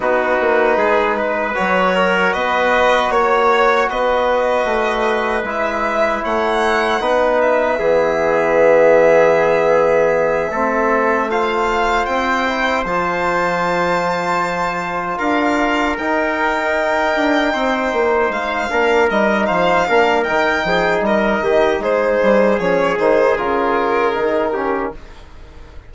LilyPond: <<
  \new Staff \with { instrumentName = "violin" } { \time 4/4 \tempo 4 = 77 b'2 cis''4 dis''4 | cis''4 dis''2 e''4 | fis''4. e''2~ e''8~ | e''2~ e''8 f''4 g''8~ |
g''8 a''2. f''8~ | f''8 g''2. f''8~ | f''8 dis''8 f''4 g''4 dis''4 | c''4 cis''8 c''8 ais'2 | }
  \new Staff \with { instrumentName = "trumpet" } { \time 4/4 fis'4 gis'8 b'4 ais'8 b'4 | cis''4 b'2. | cis''4 b'4 gis'2~ | gis'4. a'4 c''4.~ |
c''2.~ c''8 ais'8~ | ais'2~ ais'8 c''4. | ais'4 c''8 ais'4 gis'8 ais'8 g'8 | gis'2.~ gis'8 g'8 | }
  \new Staff \with { instrumentName = "trombone" } { \time 4/4 dis'2 fis'2~ | fis'2. e'4~ | e'4 dis'4 b2~ | b4. c'4 f'4. |
e'8 f'2.~ f'8~ | f'8 dis'2.~ dis'8 | d'8 dis'4 d'8 dis'2~ | dis'4 cis'8 dis'8 f'4 dis'8 cis'8 | }
  \new Staff \with { instrumentName = "bassoon" } { \time 4/4 b8 ais8 gis4 fis4 b4 | ais4 b4 a4 gis4 | a4 b4 e2~ | e4. a2 c'8~ |
c'8 f2. d'8~ | d'8 dis'4. d'8 c'8 ais8 gis8 | ais8 g8 f8 ais8 dis8 f8 g8 dis8 | gis8 g8 f8 dis8 cis4 dis4 | }
>>